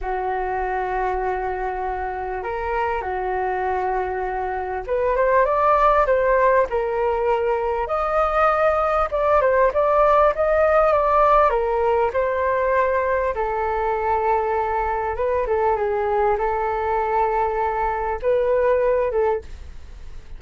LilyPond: \new Staff \with { instrumentName = "flute" } { \time 4/4 \tempo 4 = 99 fis'1 | ais'4 fis'2. | b'8 c''8 d''4 c''4 ais'4~ | ais'4 dis''2 d''8 c''8 |
d''4 dis''4 d''4 ais'4 | c''2 a'2~ | a'4 b'8 a'8 gis'4 a'4~ | a'2 b'4. a'8 | }